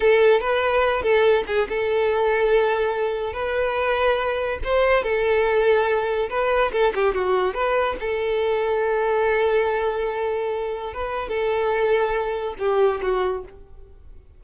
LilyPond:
\new Staff \with { instrumentName = "violin" } { \time 4/4 \tempo 4 = 143 a'4 b'4. a'4 gis'8 | a'1 | b'2. c''4 | a'2. b'4 |
a'8 g'8 fis'4 b'4 a'4~ | a'1~ | a'2 b'4 a'4~ | a'2 g'4 fis'4 | }